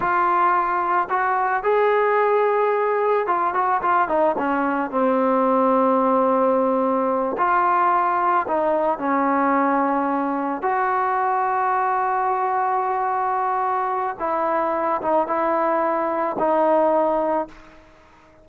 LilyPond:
\new Staff \with { instrumentName = "trombone" } { \time 4/4 \tempo 4 = 110 f'2 fis'4 gis'4~ | gis'2 f'8 fis'8 f'8 dis'8 | cis'4 c'2.~ | c'4. f'2 dis'8~ |
dis'8 cis'2. fis'8~ | fis'1~ | fis'2 e'4. dis'8 | e'2 dis'2 | }